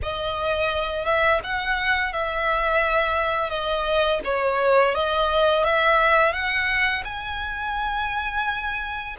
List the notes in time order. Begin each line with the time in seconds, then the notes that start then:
0.02 D#5
1.05 E5
1.43 F#5
2.12 E5
3.49 D#5
4.24 C#5
4.94 D#5
5.63 E5
6.32 F#5
7.04 G#5